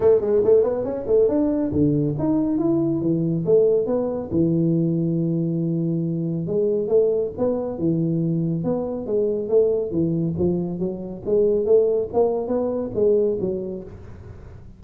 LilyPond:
\new Staff \with { instrumentName = "tuba" } { \time 4/4 \tempo 4 = 139 a8 gis8 a8 b8 cis'8 a8 d'4 | d4 dis'4 e'4 e4 | a4 b4 e2~ | e2. gis4 |
a4 b4 e2 | b4 gis4 a4 e4 | f4 fis4 gis4 a4 | ais4 b4 gis4 fis4 | }